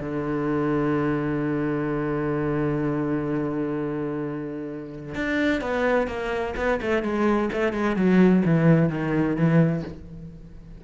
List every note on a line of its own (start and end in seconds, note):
0.00 5.15 D3
5.15 5.61 D4
5.61 6.07 B3
6.07 6.54 A#3
6.56 6.80 B3
6.82 7.03 A3
7.03 7.50 G#3
7.53 7.73 A3
7.73 7.96 G#3
7.96 8.43 F#3
8.45 8.89 E3
8.89 9.36 D#3
9.36 9.83 E3